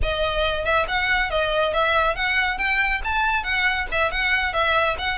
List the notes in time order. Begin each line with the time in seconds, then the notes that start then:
0.02 D#5
0.64 E5
0.88 F#5
1.30 D#5
1.73 E5
2.15 F#5
2.57 G5
3.04 A5
3.43 F#5
3.91 E5
4.11 F#5
4.53 E5
4.98 F#5